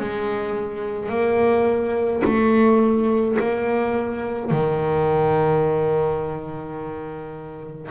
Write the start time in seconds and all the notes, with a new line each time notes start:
0.00 G#3
1.09 A#3
2.24 A3
3.40 A#3
4.51 D#3